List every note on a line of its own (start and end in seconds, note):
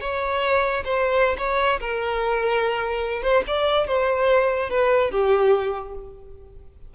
0.00 0.83 C#5
0.84 1.36 C5
1.37 1.79 C#5
1.80 3.22 A#4
3.22 3.43 C5
3.47 3.87 D5
3.87 4.69 C5
4.69 5.11 B4
5.11 5.94 G4